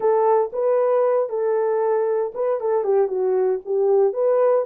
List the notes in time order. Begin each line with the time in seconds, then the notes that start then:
0.00 A4
0.52 B4
1.29 A4
2.34 B4
2.60 A4
2.83 G4
3.07 F#4
3.65 G4
4.13 B4